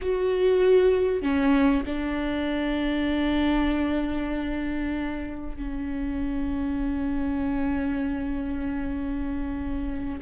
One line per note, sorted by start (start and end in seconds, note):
0.01 1.22 F#4
1.22 1.84 C#4
1.85 5.56 D4
5.56 10.20 C#4